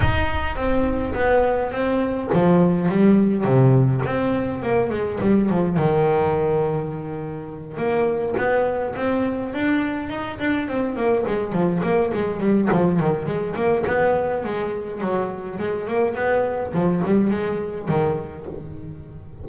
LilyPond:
\new Staff \with { instrumentName = "double bass" } { \time 4/4 \tempo 4 = 104 dis'4 c'4 b4 c'4 | f4 g4 c4 c'4 | ais8 gis8 g8 f8 dis2~ | dis4. ais4 b4 c'8~ |
c'8 d'4 dis'8 d'8 c'8 ais8 gis8 | f8 ais8 gis8 g8 f8 dis8 gis8 ais8 | b4 gis4 fis4 gis8 ais8 | b4 f8 g8 gis4 dis4 | }